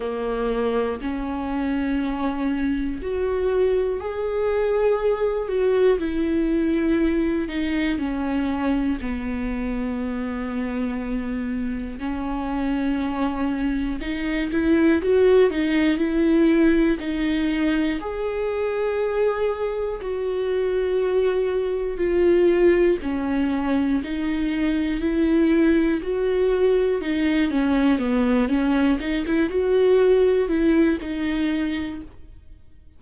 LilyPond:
\new Staff \with { instrumentName = "viola" } { \time 4/4 \tempo 4 = 60 ais4 cis'2 fis'4 | gis'4. fis'8 e'4. dis'8 | cis'4 b2. | cis'2 dis'8 e'8 fis'8 dis'8 |
e'4 dis'4 gis'2 | fis'2 f'4 cis'4 | dis'4 e'4 fis'4 dis'8 cis'8 | b8 cis'8 dis'16 e'16 fis'4 e'8 dis'4 | }